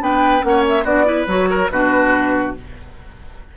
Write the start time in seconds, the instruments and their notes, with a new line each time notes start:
0.00 bassoon B3, clarinet D4, oboe B4, flute G5
0.42 bassoon A#3, clarinet C#4, flute F#5
0.49 oboe C#5
0.69 flute E5
0.84 bassoon B3, clarinet D4, oboe F#4, flute D5
1.06 clarinet E4, oboe B4
1.28 bassoon F#3, clarinet F#4, flute C#5
1.50 oboe A#4
1.71 bassoon B2, clarinet D4, oboe F#4, flute B4